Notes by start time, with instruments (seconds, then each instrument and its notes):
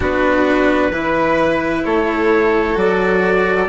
0.00 bassoon B3, cello D4, violin F#4, trumpet B4
0.91 bassoon E3, cello E4, violin B4
1.85 bassoon A3, violin A4, trumpet C#5
2.74 bassoon F#3, cello F#4, trumpet D5